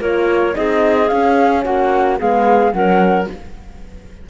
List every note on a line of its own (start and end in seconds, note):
0.00 0.55 A#3
0.00 0.54 F4
0.00 0.56 A#4
0.00 0.55 C#5
0.54 1.11 C4
0.54 1.09 D#4
0.54 1.64 G#4
0.54 1.09 D#5
1.09 2.20 C#4
1.09 1.66 C#4
1.09 1.63 F5
1.64 2.20 A#3
1.64 2.18 F#4
1.64 2.19 F#5
2.18 2.73 G#3
2.18 2.73 B3
2.18 2.73 G#4
2.18 2.72 F5
2.72 3.27 F#3
2.72 3.28 C#4
2.72 3.30 A#4
2.72 3.27 F#5